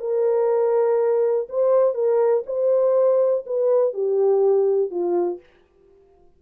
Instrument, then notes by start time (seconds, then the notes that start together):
horn
0.00 A#4
1.49 C5
1.95 A#4
2.46 C5
3.46 B4
3.94 G4
4.91 F4